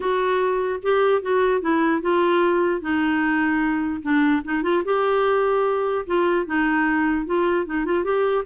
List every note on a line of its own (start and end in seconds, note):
0.00 0.80 F#4
0.82 1.22 G4
1.22 1.61 F#4
1.61 2.01 E4
2.01 2.81 F4
2.81 4.02 D#4
4.02 4.42 D4
4.44 4.63 D#4
4.63 4.83 F4
4.84 6.05 G4
6.06 6.45 F4
6.45 7.26 D#4
7.26 7.65 F4
7.65 7.85 D#4
7.85 8.04 F4
8.04 8.44 G4